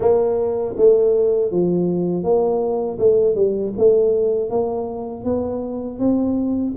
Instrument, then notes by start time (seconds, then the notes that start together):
tuba
0.00 A#3
0.76 A3
1.51 F3
2.23 A#3
2.98 A3
3.35 G3
3.77 A3
4.50 A#3
5.24 B3
5.99 C4